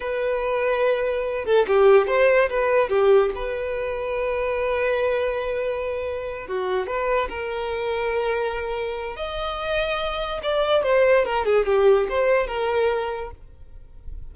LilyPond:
\new Staff \with { instrumentName = "violin" } { \time 4/4 \tempo 4 = 144 b'2.~ b'8 a'8 | g'4 c''4 b'4 g'4 | b'1~ | b'2.~ b'8 fis'8~ |
fis'8 b'4 ais'2~ ais'8~ | ais'2 dis''2~ | dis''4 d''4 c''4 ais'8 gis'8 | g'4 c''4 ais'2 | }